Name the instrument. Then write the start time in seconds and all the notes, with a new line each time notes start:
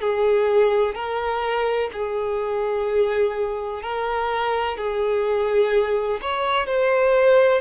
violin
0.00 G#4
0.95 A#4
1.93 G#4
3.83 A#4
4.77 G#4
6.22 C#5
6.66 C5